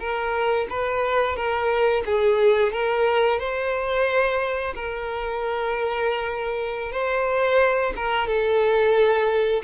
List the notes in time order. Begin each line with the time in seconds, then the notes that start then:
0.00 A#4
0.70 B4
1.36 A#4
2.06 G#4
2.73 A#4
3.40 C5
4.75 A#4
6.93 C5
7.96 A#4
8.28 A4